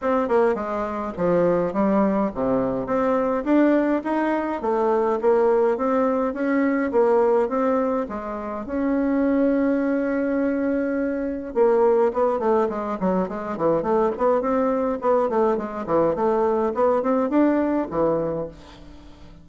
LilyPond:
\new Staff \with { instrumentName = "bassoon" } { \time 4/4 \tempo 4 = 104 c'8 ais8 gis4 f4 g4 | c4 c'4 d'4 dis'4 | a4 ais4 c'4 cis'4 | ais4 c'4 gis4 cis'4~ |
cis'1 | ais4 b8 a8 gis8 fis8 gis8 e8 | a8 b8 c'4 b8 a8 gis8 e8 | a4 b8 c'8 d'4 e4 | }